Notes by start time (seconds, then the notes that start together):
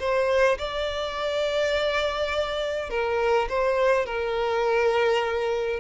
0.00 C5
0.59 D5
2.90 A#4
3.50 C5
4.06 A#4